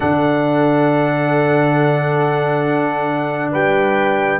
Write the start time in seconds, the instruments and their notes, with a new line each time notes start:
0.00 tuba D3, trombone D4, horn A4, trumpet F#5
3.52 tuba G3, horn B4, trumpet G5